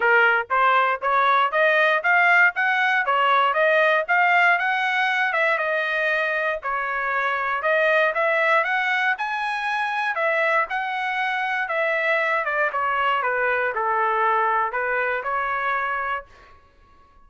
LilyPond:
\new Staff \with { instrumentName = "trumpet" } { \time 4/4 \tempo 4 = 118 ais'4 c''4 cis''4 dis''4 | f''4 fis''4 cis''4 dis''4 | f''4 fis''4. e''8 dis''4~ | dis''4 cis''2 dis''4 |
e''4 fis''4 gis''2 | e''4 fis''2 e''4~ | e''8 d''8 cis''4 b'4 a'4~ | a'4 b'4 cis''2 | }